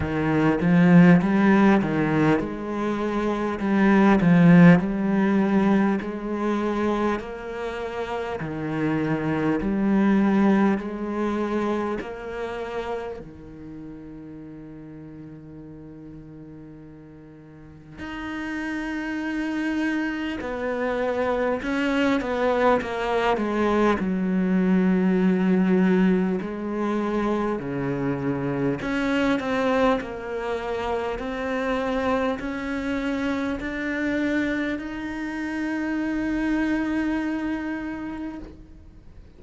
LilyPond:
\new Staff \with { instrumentName = "cello" } { \time 4/4 \tempo 4 = 50 dis8 f8 g8 dis8 gis4 g8 f8 | g4 gis4 ais4 dis4 | g4 gis4 ais4 dis4~ | dis2. dis'4~ |
dis'4 b4 cis'8 b8 ais8 gis8 | fis2 gis4 cis4 | cis'8 c'8 ais4 c'4 cis'4 | d'4 dis'2. | }